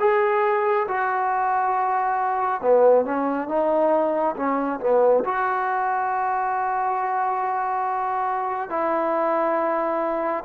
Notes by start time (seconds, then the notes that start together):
0.00 G#4
0.88 F#4
2.62 B3
3.05 C#4
3.49 D#4
4.36 C#4
4.80 B3
5.25 F#4
8.70 E4